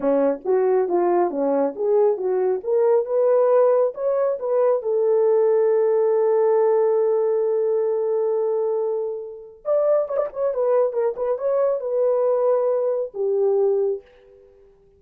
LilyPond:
\new Staff \with { instrumentName = "horn" } { \time 4/4 \tempo 4 = 137 cis'4 fis'4 f'4 cis'4 | gis'4 fis'4 ais'4 b'4~ | b'4 cis''4 b'4 a'4~ | a'1~ |
a'1~ | a'2 d''4 cis''16 d''16 cis''8 | b'4 ais'8 b'8 cis''4 b'4~ | b'2 g'2 | }